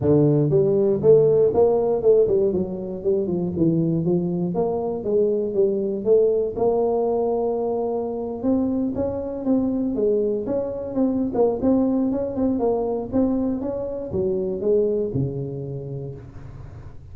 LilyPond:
\new Staff \with { instrumentName = "tuba" } { \time 4/4 \tempo 4 = 119 d4 g4 a4 ais4 | a8 g8 fis4 g8 f8 e4 | f4 ais4 gis4 g4 | a4 ais2.~ |
ais8. c'4 cis'4 c'4 gis16~ | gis8. cis'4 c'8. ais8 c'4 | cis'8 c'8 ais4 c'4 cis'4 | fis4 gis4 cis2 | }